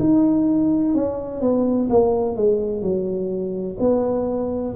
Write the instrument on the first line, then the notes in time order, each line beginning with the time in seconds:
tuba
0.00 D#4
0.95 C#4
1.42 B3
1.90 A#3
2.37 G#3
2.82 F#3
3.80 B3